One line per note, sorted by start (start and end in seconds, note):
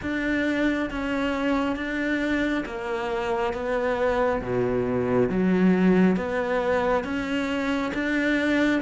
0.02 0.90 D4
0.90 1.76 C#4
1.76 2.64 D4
2.65 3.53 A#3
3.53 4.41 B3
4.41 5.29 B2
5.29 6.16 F#3
6.16 7.03 B3
7.03 7.92 C#4
7.94 8.81 D4